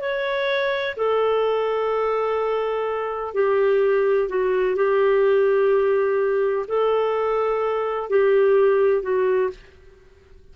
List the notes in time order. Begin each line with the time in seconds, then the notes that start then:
0.00 C#5
0.96 A4
3.34 G4
4.29 F#4
4.76 G4
6.68 A4
8.10 G4
9.02 F#4